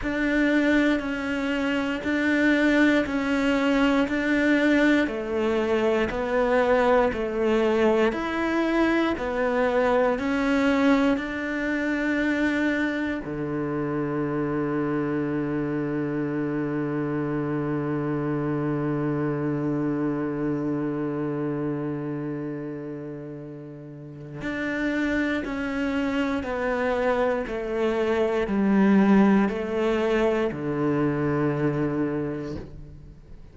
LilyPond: \new Staff \with { instrumentName = "cello" } { \time 4/4 \tempo 4 = 59 d'4 cis'4 d'4 cis'4 | d'4 a4 b4 a4 | e'4 b4 cis'4 d'4~ | d'4 d2.~ |
d1~ | d1 | d'4 cis'4 b4 a4 | g4 a4 d2 | }